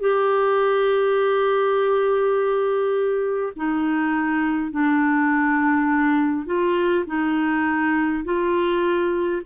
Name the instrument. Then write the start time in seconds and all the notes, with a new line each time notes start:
clarinet
0.00 G4
3.56 D#4
4.72 D4
6.46 F4
7.06 D#4
8.25 F4